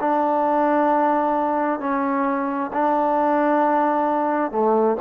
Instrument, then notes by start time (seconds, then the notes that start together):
trombone
0.00 D4
1.80 C#4
2.73 D4
4.51 A3